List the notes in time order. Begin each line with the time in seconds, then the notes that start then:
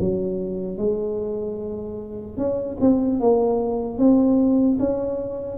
0.00 F#3
0.78 G#3
2.37 C#4
2.81 C4
3.20 A#3
3.99 C4
4.80 C#4